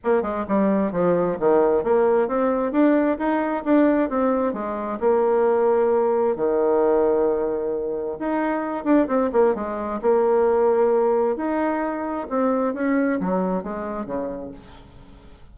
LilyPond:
\new Staff \with { instrumentName = "bassoon" } { \time 4/4 \tempo 4 = 132 ais8 gis8 g4 f4 dis4 | ais4 c'4 d'4 dis'4 | d'4 c'4 gis4 ais4~ | ais2 dis2~ |
dis2 dis'4. d'8 | c'8 ais8 gis4 ais2~ | ais4 dis'2 c'4 | cis'4 fis4 gis4 cis4 | }